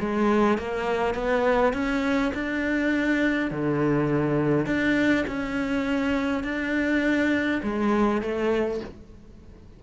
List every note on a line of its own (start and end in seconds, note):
0.00 0.58 G#3
0.58 1.14 A#3
1.14 1.73 B3
1.74 2.32 C#4
2.34 3.51 D4
3.51 4.66 D3
4.66 5.25 D4
5.27 6.44 C#4
6.44 7.61 D4
7.63 8.22 G#3
8.22 8.80 A3